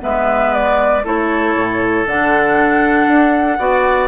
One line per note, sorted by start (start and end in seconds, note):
0.00 1.06 G#3
0.00 1.02 B3
0.00 1.04 B4
0.00 0.54 E5
0.54 1.05 D5
1.04 1.56 A3
1.04 2.06 E4
1.04 3.58 A4
1.04 2.07 C#5
1.56 2.07 A2
2.07 3.08 D3
2.07 3.59 D4
2.07 4.08 F#5
3.08 3.59 D4
3.59 4.08 B3
3.59 4.08 F#4
3.59 4.08 D5